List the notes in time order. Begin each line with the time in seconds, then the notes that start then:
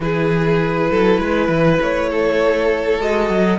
0.00 E3 E4 G#4 B4
0.91 F#3 A4
1.18 G#3 B4
1.48 E3
1.80 A3 C#5
2.09 A4
2.99 G#3 F#4 D#5
3.29 F#3